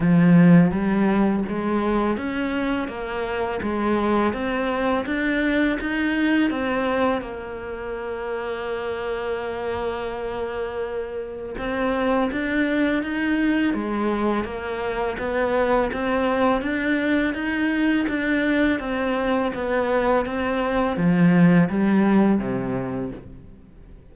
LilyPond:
\new Staff \with { instrumentName = "cello" } { \time 4/4 \tempo 4 = 83 f4 g4 gis4 cis'4 | ais4 gis4 c'4 d'4 | dis'4 c'4 ais2~ | ais1 |
c'4 d'4 dis'4 gis4 | ais4 b4 c'4 d'4 | dis'4 d'4 c'4 b4 | c'4 f4 g4 c4 | }